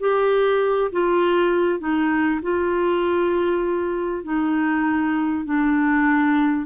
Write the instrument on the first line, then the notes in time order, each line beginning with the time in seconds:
clarinet
0.00 G4
0.92 F4
1.79 D#4
2.42 F4
4.24 D#4
5.45 D4